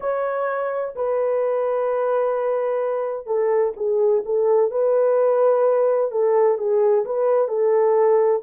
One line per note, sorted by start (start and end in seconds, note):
0.00 0.94 C#5
0.95 3.26 B4
3.26 3.73 A4
3.76 4.23 G#4
4.25 4.70 A4
4.70 6.11 B4
6.11 6.58 A4
6.58 7.04 G#4
7.05 7.47 B4
7.47 8.41 A4